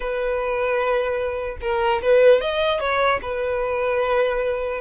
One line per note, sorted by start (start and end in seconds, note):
0.00 1.57 B4
1.61 2.01 A#4
2.01 2.41 B4
2.41 2.80 D#5
2.80 3.20 C#5
3.22 4.81 B4